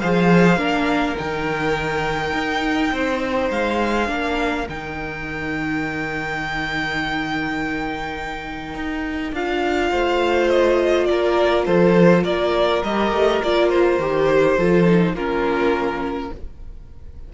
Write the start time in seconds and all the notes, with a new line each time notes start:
0.00 F3 G#4 C5 F5
0.57 A#3 D4 A#4
1.17 D#3 D#4 G5
2.33 D#4
2.92 C4 C5
3.50 G#3 F5
4.06 A#3 D4 A#4
4.69 D#3 D#4 G5
8.75 D#4
9.33 D4 F4 F5
9.91 A3 C5
10.50 D#5
11.06 A#3 A#4 D5
11.65 F3 A4 C5
12.23 A#3 A#4 D5
12.83 G3 G4 D#5
13.12 A3
13.43 A#3 F4 D5
13.69 C5
13.99 D#3 G4
14.56 F3 F4 A4
14.86 D#4
15.13 A#3 C#4 F4 A#4